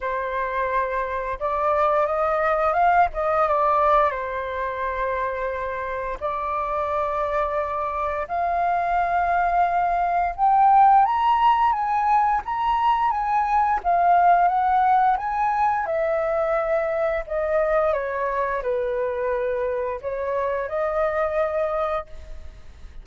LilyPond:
\new Staff \with { instrumentName = "flute" } { \time 4/4 \tempo 4 = 87 c''2 d''4 dis''4 | f''8 dis''8 d''4 c''2~ | c''4 d''2. | f''2. g''4 |
ais''4 gis''4 ais''4 gis''4 | f''4 fis''4 gis''4 e''4~ | e''4 dis''4 cis''4 b'4~ | b'4 cis''4 dis''2 | }